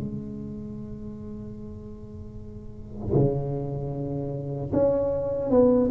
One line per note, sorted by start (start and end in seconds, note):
0.00 3.14 G#3
3.14 4.72 C#3
4.73 5.51 C#4
5.51 5.90 B3